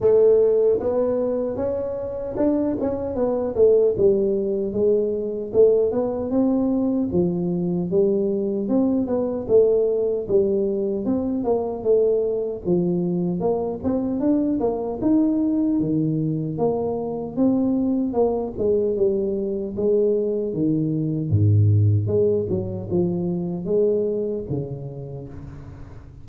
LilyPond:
\new Staff \with { instrumentName = "tuba" } { \time 4/4 \tempo 4 = 76 a4 b4 cis'4 d'8 cis'8 | b8 a8 g4 gis4 a8 b8 | c'4 f4 g4 c'8 b8 | a4 g4 c'8 ais8 a4 |
f4 ais8 c'8 d'8 ais8 dis'4 | dis4 ais4 c'4 ais8 gis8 | g4 gis4 dis4 gis,4 | gis8 fis8 f4 gis4 cis4 | }